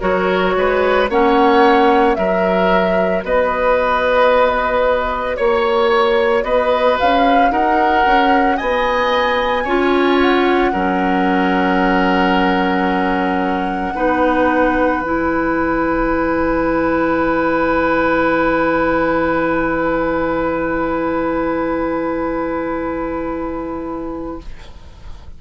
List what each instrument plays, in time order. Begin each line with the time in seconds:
0.00 bassoon F#3, clarinet F#4, oboe A#4, flute C#5
0.56 bassoon G#3, oboe B4
1.09 bassoon A#3, clarinet C#4, oboe C#5, flute F#5
2.15 bassoon F#3, clarinet F#4, oboe A#4, flute E5
3.23 bassoon B3, oboe B4, flute D#5
5.36 bassoon A#3, flute C#5, oboe C#5
6.43 bassoon B3, oboe B4, flute D#5
6.99 bassoon C#4, flute F5
7.50 bassoon D#4, oboe A#4, flute F#5
8.06 bassoon C#4
8.56 bassoon B3, oboe D#5, flute G#5
9.64 bassoon C#4, clarinet F4, oboe C#5
10.21 flute F#5
10.72 bassoon F#3, clarinet C#4, oboe A#4
13.94 bassoon B3, clarinet D#4, oboe B4
15.00 bassoon E3, clarinet E4, flute G#5